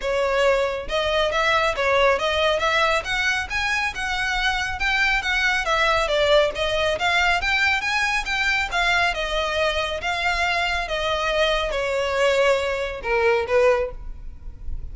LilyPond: \new Staff \with { instrumentName = "violin" } { \time 4/4 \tempo 4 = 138 cis''2 dis''4 e''4 | cis''4 dis''4 e''4 fis''4 | gis''4 fis''2 g''4 | fis''4 e''4 d''4 dis''4 |
f''4 g''4 gis''4 g''4 | f''4 dis''2 f''4~ | f''4 dis''2 cis''4~ | cis''2 ais'4 b'4 | }